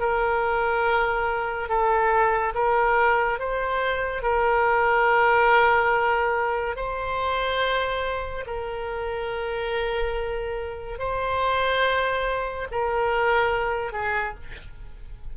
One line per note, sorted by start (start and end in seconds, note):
0.00 1.69 A#4
1.69 2.54 A4
2.55 3.40 A#4
3.40 4.23 C5
4.23 6.76 A#4
6.76 8.45 C5
8.47 10.99 A#4
10.99 12.68 C5
12.71 13.92 A#4
13.92 14.35 G#4